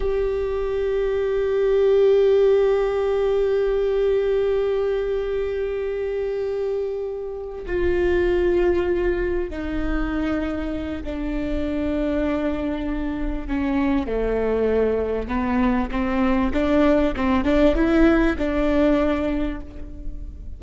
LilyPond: \new Staff \with { instrumentName = "viola" } { \time 4/4 \tempo 4 = 98 g'1~ | g'1~ | g'1~ | g'8 f'2. dis'8~ |
dis'2 d'2~ | d'2 cis'4 a4~ | a4 b4 c'4 d'4 | c'8 d'8 e'4 d'2 | }